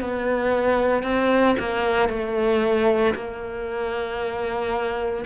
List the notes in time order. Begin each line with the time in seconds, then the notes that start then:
0.00 B3
1.02 C4
1.58 A#3
2.09 A3
3.14 A#3